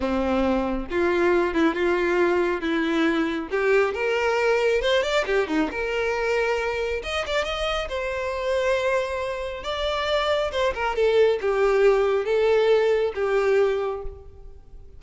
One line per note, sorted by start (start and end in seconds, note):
0.00 0.87 C4
0.90 1.54 F4
1.54 1.74 E4
1.74 2.61 F4
2.61 3.48 E4
3.50 3.94 G4
3.94 4.81 A#4
4.81 5.03 C5
5.03 5.25 D5
5.26 5.47 G4
5.47 5.69 D#4
5.71 7.02 A#4
7.03 7.25 D#5
7.26 7.44 D5
7.44 7.88 D#5
7.88 9.63 C5
9.63 10.51 D5
10.51 10.73 C5
10.74 10.95 A#4
10.95 11.39 A4
11.41 12.25 G4
12.25 13.12 A4
13.14 14.02 G4